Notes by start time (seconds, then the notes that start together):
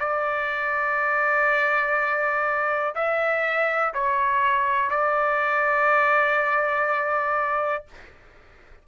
0.00 D5
2.96 E5
3.94 C#5
4.90 D5